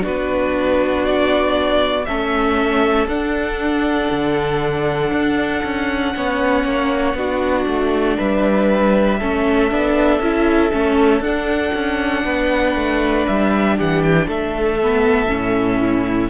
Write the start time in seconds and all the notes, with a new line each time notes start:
0.00 B3 D4 F#4 B4
1.05 D5
2.05 A3 C#4 A4 E5
3.07 D4 F#5
4.11 D3
5.11 D4
5.63 C#4
6.14 B3 C#4 C#5
6.64 A#3
7.14 B3 D4 F#4
7.67 A3
8.17 G3 B4 E5
9.19 A3 C#4 A4
9.70 B3 D4
10.19 C#4 E4
10.71 A3 C#4
11.20 D4 F#5
11.73 C#4
12.24 B3 B4
12.75 A3
13.26 G3 E5
13.76 E3 G4 F#5
14.02 G5
14.27 A3 A4 E5
14.81 B3
15.27 A2 C#4
15.80 E4